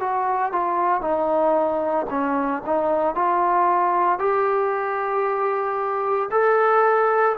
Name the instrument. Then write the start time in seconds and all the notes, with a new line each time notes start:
trombone
0.00 F#4
0.52 F4
1.01 D#4
2.10 C#4
2.66 D#4
3.15 F4
4.19 G4
6.31 A4